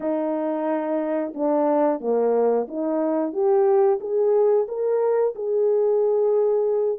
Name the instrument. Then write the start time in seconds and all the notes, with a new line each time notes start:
horn
0.00 D#4
1.34 D4
2.00 A#3
2.68 D#4
3.32 G4
4.00 G#4
4.68 A#4
5.35 G#4